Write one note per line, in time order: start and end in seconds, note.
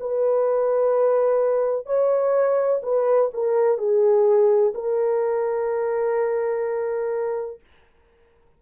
0.00 1.86 B4
1.86 2.81 C#5
2.83 3.30 B4
3.34 3.78 A#4
3.78 4.74 G#4
4.74 7.60 A#4